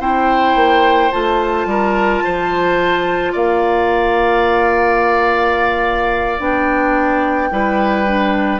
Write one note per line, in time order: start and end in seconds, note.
0.00 0.55 C4
0.00 1.11 E4
0.00 1.67 C5
0.00 1.12 G5
0.55 1.11 A#3
1.12 1.66 A3
1.12 6.40 F4
1.12 3.34 A5
1.66 2.21 G3
1.66 2.24 A#4
2.24 3.34 F3
2.24 3.32 C5
3.32 6.39 A#3
3.32 7.49 D5
3.32 6.39 F5
6.39 7.50 B3
6.39 7.51 D4
6.39 8.59 G5
7.51 8.59 G3
7.51 8.06 E4
7.51 8.59 B4
8.07 8.59 D4